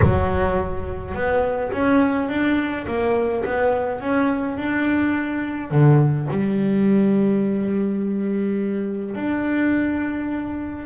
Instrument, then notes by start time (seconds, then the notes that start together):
double bass
0.02 F#3
1.14 B3
1.71 C#4
2.28 D4
2.87 A#3
3.44 B3
4.00 C#4
4.57 D4
5.70 D3
6.30 G3
9.15 D4